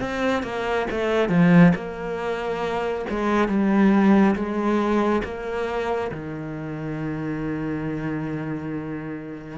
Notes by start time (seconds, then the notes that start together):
0.00 C4
0.43 A#3
0.90 A3
1.29 F3
1.75 A#3
3.09 G#3
3.48 G3
4.35 G#3
5.24 A#3
6.11 D#3